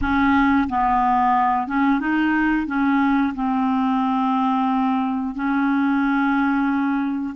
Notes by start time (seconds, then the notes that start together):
0.01 C#4
0.68 B3
1.67 C#4
2.00 D#4
2.67 C#4
3.35 C4
5.34 C#4